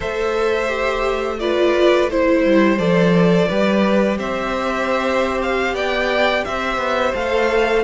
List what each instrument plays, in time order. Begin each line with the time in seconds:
0.00 cello A3, viola A4, violin C5 E5
0.68 viola G4
1.39 viola F4, violin B4 D5
2.10 viola E4, violin C5
2.45 cello G3
2.78 cello F3, viola A4, violin D5
3.48 cello G3, viola G4, violin B4
4.18 cello C4, violin C5 E5
5.41 violin F5
5.73 cello B3, violin D5 G5
6.44 cello C4, violin C5 E5
6.77 cello B3
7.15 cello A3, viola A4, violin F5